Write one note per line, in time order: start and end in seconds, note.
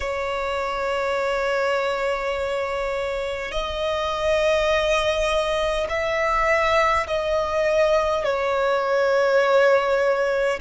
0.00 3.51 C#5
3.51 5.87 D#5
5.89 7.06 E5
7.07 8.24 D#5
8.24 10.59 C#5